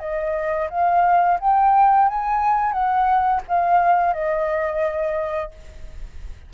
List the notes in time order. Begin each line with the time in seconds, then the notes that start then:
0.00 D#5
0.70 F5
1.40 G5
2.09 G#5
2.72 F#5
3.48 F5
4.14 D#5